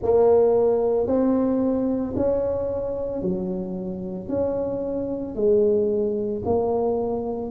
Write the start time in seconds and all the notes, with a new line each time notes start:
0.02 A#3
1.06 C4
2.16 C#4
3.21 F#3
4.28 C#4
5.35 G#3
6.45 A#3